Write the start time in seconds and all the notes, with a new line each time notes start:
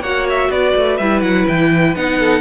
0.00 A#3 F#4 C#5 F#5
0.29 E5
0.49 B3 B4 D5
0.76 A3
0.97 G3 E4 E5
1.22 F#3 F#5
1.48 E3 G5
1.95 B3 D#4 F#5
2.19 A4